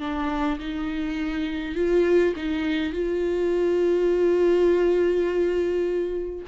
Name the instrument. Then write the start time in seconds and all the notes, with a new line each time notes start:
viola
0.00 D4
0.59 D#4
1.75 F4
2.36 D#4
2.93 F4